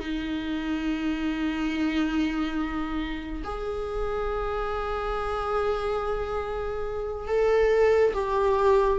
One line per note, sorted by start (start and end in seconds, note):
0.00 3.43 D#4
3.44 7.28 G#4
7.28 8.14 A4
8.14 8.99 G4